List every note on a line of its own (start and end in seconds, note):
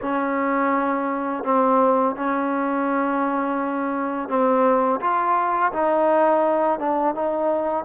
0.01 1.44 C#4
1.44 2.15 C4
2.15 4.28 C#4
4.28 5.00 C4
5.00 5.71 F4
5.72 6.79 D#4
6.79 7.14 D4
7.14 7.84 D#4